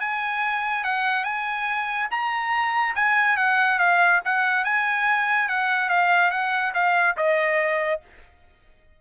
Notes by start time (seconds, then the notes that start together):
0.00 G#5
0.84 F#5
1.24 G#5
2.11 A#5
2.95 G#5
3.37 F#5
3.79 F5
4.25 F#5
4.64 G#5
5.48 F#5
5.89 F5
6.31 F#5
6.74 F5
7.17 D#5